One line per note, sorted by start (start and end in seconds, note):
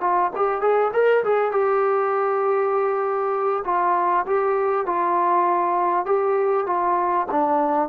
0.00 0.30 F4
0.36 0.61 G4
0.61 0.91 G#4
0.93 1.23 A#4
1.24 1.51 G#4
1.51 3.63 G4
3.65 4.25 F4
4.26 4.86 G4
4.86 6.06 F4
6.06 6.66 G4
6.66 7.27 F4
7.31 7.89 D4